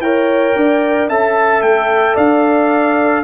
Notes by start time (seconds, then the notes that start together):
0.00 E4 A#4 C#5 G5
0.56 D4 D5
1.09 C#4 A4 E5 A5
1.62 A3 G5
2.15 D4 D5 F5